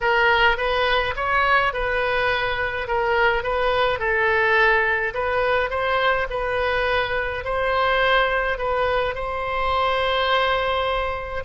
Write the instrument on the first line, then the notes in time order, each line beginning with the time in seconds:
oboe
0.01 A#4
0.57 B4
1.16 C#5
1.73 B4
2.87 A#4
3.43 B4
3.99 A4
5.14 B4
5.70 C5
6.30 B4
7.44 C5
8.57 B4
9.15 C5